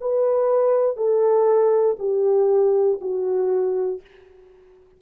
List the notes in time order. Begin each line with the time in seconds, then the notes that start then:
0.00 B4
0.96 A4
1.99 G4
3.01 F#4